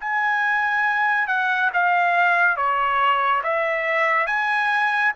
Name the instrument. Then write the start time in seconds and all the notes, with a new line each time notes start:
trumpet
0.00 G#5
1.27 F#5
1.73 F5
2.56 C#5
3.43 E5
4.26 G#5